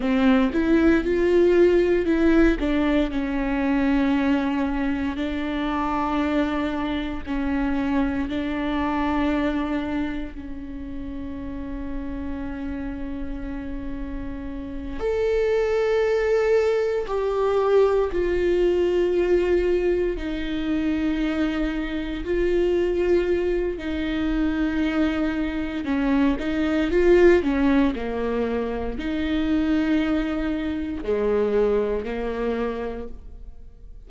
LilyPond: \new Staff \with { instrumentName = "viola" } { \time 4/4 \tempo 4 = 58 c'8 e'8 f'4 e'8 d'8 cis'4~ | cis'4 d'2 cis'4 | d'2 cis'2~ | cis'2~ cis'8 a'4.~ |
a'8 g'4 f'2 dis'8~ | dis'4. f'4. dis'4~ | dis'4 cis'8 dis'8 f'8 cis'8 ais4 | dis'2 gis4 ais4 | }